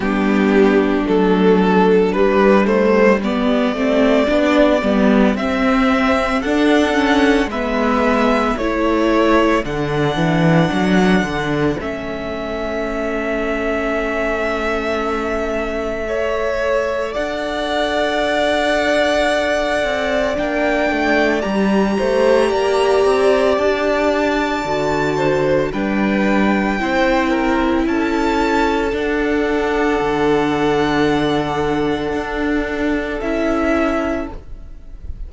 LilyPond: <<
  \new Staff \with { instrumentName = "violin" } { \time 4/4 \tempo 4 = 56 g'4 a'4 b'8 c''8 d''4~ | d''4 e''4 fis''4 e''4 | cis''4 fis''2 e''4~ | e''1 |
fis''2. g''4 | ais''2 a''2 | g''2 a''4 fis''4~ | fis''2. e''4 | }
  \new Staff \with { instrumentName = "violin" } { \time 4/4 d'2. g'4~ | g'2 a'4 b'4 | a'1~ | a'2. cis''4 |
d''1~ | d''8 c''8 d''2~ d''8 c''8 | b'4 c''8 ais'8 a'2~ | a'1 | }
  \new Staff \with { instrumentName = "viola" } { \time 4/4 b4 a4 g8 a8 b8 c'8 | d'8 b8 c'4 d'8 cis'8 b4 | e'4 d'2 cis'4~ | cis'2. a'4~ |
a'2. d'4 | g'2. fis'4 | d'4 e'2 d'4~ | d'2. e'4 | }
  \new Staff \with { instrumentName = "cello" } { \time 4/4 g4 fis4 g4. a8 | b8 g8 c'4 d'4 gis4 | a4 d8 e8 fis8 d8 a4~ | a1 |
d'2~ d'8 c'8 ais8 a8 | g8 a8 ais8 c'8 d'4 d4 | g4 c'4 cis'4 d'4 | d2 d'4 cis'4 | }
>>